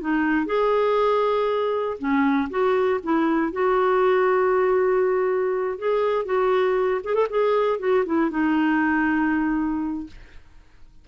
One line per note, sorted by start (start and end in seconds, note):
0.00 0.46 D#4
0.46 1.97 G#4
1.98 2.48 C#4
2.50 3.00 F#4
3.03 3.52 E4
3.52 5.78 F#4
5.78 6.25 G#4
6.25 7.01 F#4
7.04 7.14 G#4
7.14 7.27 A4
7.29 7.79 G#4
7.79 8.04 F#4
8.05 8.30 E4
8.30 10.07 D#4